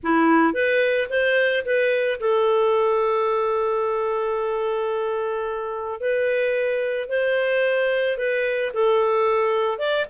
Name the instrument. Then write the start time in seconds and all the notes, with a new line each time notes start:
clarinet
0.03 E4
0.53 B4
1.09 C5
1.65 B4
2.19 A4
6.00 B4
7.08 C5
8.17 B4
8.73 A4
9.78 D5